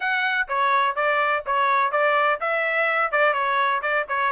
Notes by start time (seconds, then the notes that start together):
0.00 F#5
0.48 C#5
0.95 D5
1.46 C#5
1.91 D5
2.40 E5
3.11 D5
3.33 C#5
3.82 D5
4.08 C#5